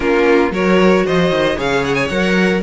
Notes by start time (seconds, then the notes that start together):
0.00 A#3 C#4 F4 A#4
0.51 F#3 F#4 A#4 C#5
1.05 F3 C5 D#5
1.30 D#3
1.56 C#3 G#4 C#5 F5
1.84 F#5
1.94 G#5
2.08 F#3 A#4 F#5